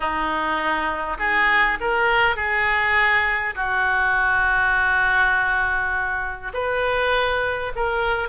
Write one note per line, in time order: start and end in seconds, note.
0.00 1.17 D#4
1.18 1.78 G#4
1.80 2.36 A#4
2.36 3.55 G#4
3.55 6.52 F#4
6.53 7.72 B4
7.75 8.28 A#4